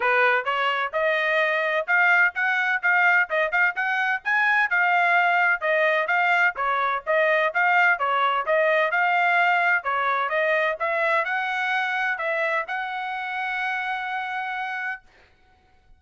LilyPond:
\new Staff \with { instrumentName = "trumpet" } { \time 4/4 \tempo 4 = 128 b'4 cis''4 dis''2 | f''4 fis''4 f''4 dis''8 f''8 | fis''4 gis''4 f''2 | dis''4 f''4 cis''4 dis''4 |
f''4 cis''4 dis''4 f''4~ | f''4 cis''4 dis''4 e''4 | fis''2 e''4 fis''4~ | fis''1 | }